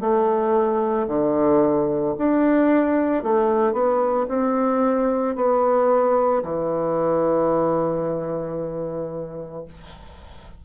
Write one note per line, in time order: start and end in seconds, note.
0.00 1.07 A3
1.08 2.15 D3
2.18 3.23 D4
3.23 3.73 A3
3.73 4.26 B3
4.28 5.35 C4
5.35 6.42 B3
6.43 9.65 E3